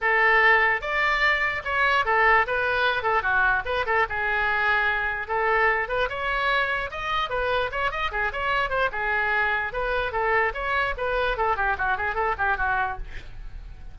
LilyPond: \new Staff \with { instrumentName = "oboe" } { \time 4/4 \tempo 4 = 148 a'2 d''2 | cis''4 a'4 b'4. a'8 | fis'4 b'8 a'8 gis'2~ | gis'4 a'4. b'8 cis''4~ |
cis''4 dis''4 b'4 cis''8 dis''8 | gis'8 cis''4 c''8 gis'2 | b'4 a'4 cis''4 b'4 | a'8 g'8 fis'8 gis'8 a'8 g'8 fis'4 | }